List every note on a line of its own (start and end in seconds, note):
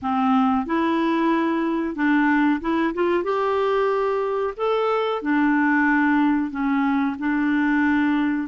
0.01 0.66 C4
0.66 1.95 E4
1.95 2.60 D4
2.61 2.93 E4
2.93 3.23 F4
3.23 4.54 G4
4.56 5.21 A4
5.22 6.50 D4
6.50 7.16 C#4
7.18 8.48 D4